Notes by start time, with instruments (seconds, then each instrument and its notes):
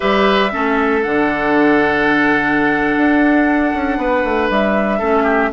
0.00 bassoon G3, clarinet G4, oboe B4, flute E5
0.50 bassoon A3, clarinet C#4, oboe A4
1.02 bassoon D3, clarinet D4, flute F#5
2.96 bassoon D4
3.74 bassoon C#4
3.97 bassoon B3, oboe B4
4.24 bassoon A3
4.49 bassoon G3, flute E5
4.99 bassoon A3, clarinet C#4, oboe A4
5.23 oboe G4